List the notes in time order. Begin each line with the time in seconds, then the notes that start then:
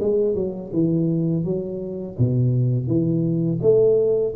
0.00 G#3
0.35 F#3
0.73 E3
1.45 F#3
2.19 B2
2.88 E3
3.62 A3